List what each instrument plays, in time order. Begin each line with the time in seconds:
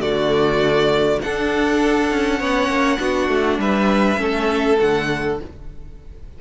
0.00 cello D3, viola A3, violin F#4 D5
1.21 viola D4, cello D4, violin A4 F#5
2.10 cello C#4
2.39 cello B3, viola C#4, violin C#5
2.68 cello A#3
2.98 cello B3, viola D4, violin F#4
3.28 cello A3
3.58 cello G3, violin B4 E5
4.17 cello A3, viola C#4, violin A4
4.78 cello D3, viola A3, violin F#5